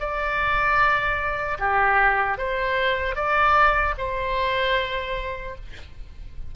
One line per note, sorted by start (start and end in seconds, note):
0.00 1.58 D5
1.59 2.38 G4
2.38 3.15 C5
3.15 3.94 D5
3.98 5.56 C5